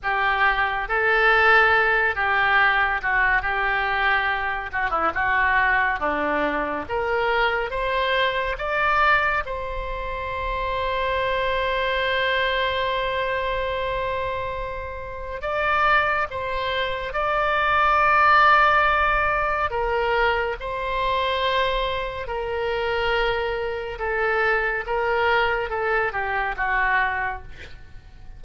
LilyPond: \new Staff \with { instrumentName = "oboe" } { \time 4/4 \tempo 4 = 70 g'4 a'4. g'4 fis'8 | g'4. fis'16 e'16 fis'4 d'4 | ais'4 c''4 d''4 c''4~ | c''1~ |
c''2 d''4 c''4 | d''2. ais'4 | c''2 ais'2 | a'4 ais'4 a'8 g'8 fis'4 | }